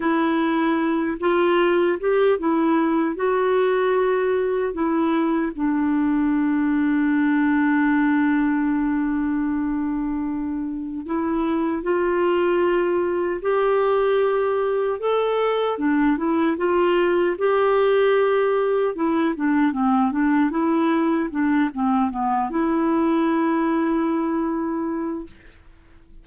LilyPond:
\new Staff \with { instrumentName = "clarinet" } { \time 4/4 \tempo 4 = 76 e'4. f'4 g'8 e'4 | fis'2 e'4 d'4~ | d'1~ | d'2 e'4 f'4~ |
f'4 g'2 a'4 | d'8 e'8 f'4 g'2 | e'8 d'8 c'8 d'8 e'4 d'8 c'8 | b8 e'2.~ e'8 | }